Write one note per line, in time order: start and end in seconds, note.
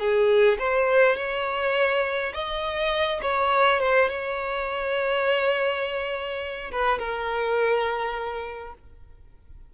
0.00 0.58 G#4
0.59 1.17 C5
1.17 2.33 C#5
2.34 3.21 D#5
3.23 3.80 C#5
3.80 4.09 C5
4.09 6.71 C#5
6.72 6.99 B4
6.99 8.74 A#4